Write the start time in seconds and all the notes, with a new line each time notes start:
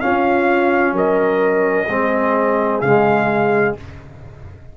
0.00 C#4 F4 F5
0.92 F#3 A#4 D#5
1.88 G#3 C4 G#4
2.81 C#3 G#3 F5